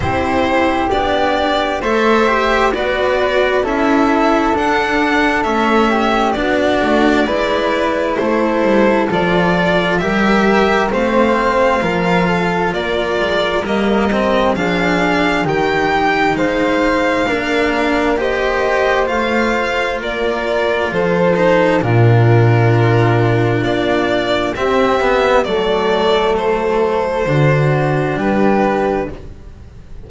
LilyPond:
<<
  \new Staff \with { instrumentName = "violin" } { \time 4/4 \tempo 4 = 66 c''4 d''4 e''4 d''4 | e''4 fis''4 e''4 d''4~ | d''4 c''4 d''4 e''4 | f''2 d''4 dis''4 |
f''4 g''4 f''2 | dis''4 f''4 d''4 c''4 | ais'2 d''4 e''4 | d''4 c''2 b'4 | }
  \new Staff \with { instrumentName = "flute" } { \time 4/4 g'2 c''4 b'4 | a'2~ a'8 g'8 fis'4 | b'4 a'2 ais'4 | c''4 ais'8 a'8 ais'2 |
gis'4 g'4 c''4 ais'4 | c''2 ais'4 a'4 | f'2. g'4 | a'2 fis'4 g'4 | }
  \new Staff \with { instrumentName = "cello" } { \time 4/4 e'4 d'4 a'8 g'8 fis'4 | e'4 d'4 cis'4 d'4 | e'2 f'4 g'4 | c'4 f'2 ais8 c'8 |
d'4 dis'2 d'4 | g'4 f'2~ f'8 dis'8 | d'2. c'8 b8 | a2 d'2 | }
  \new Staff \with { instrumentName = "double bass" } { \time 4/4 c'4 b4 a4 b4 | cis'4 d'4 a4 b8 a8 | gis4 a8 g8 f4 g4 | a4 f4 ais8 gis8 g4 |
f4 dis4 gis4 ais4~ | ais4 a4 ais4 f4 | ais,2 ais4 c'4 | fis2 d4 g4 | }
>>